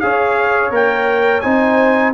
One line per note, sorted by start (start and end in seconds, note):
0.00 0.70 C#4
0.00 0.71 G#4
0.00 1.44 C#5
0.00 0.71 F5
0.70 1.41 A#3
0.70 1.42 A#4
0.70 1.41 G5
1.41 2.14 C4
1.41 2.14 D#4
1.41 2.14 C5
1.41 2.11 G#5